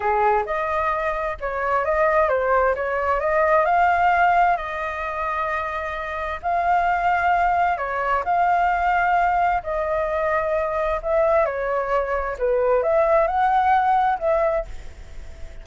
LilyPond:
\new Staff \with { instrumentName = "flute" } { \time 4/4 \tempo 4 = 131 gis'4 dis''2 cis''4 | dis''4 c''4 cis''4 dis''4 | f''2 dis''2~ | dis''2 f''2~ |
f''4 cis''4 f''2~ | f''4 dis''2. | e''4 cis''2 b'4 | e''4 fis''2 e''4 | }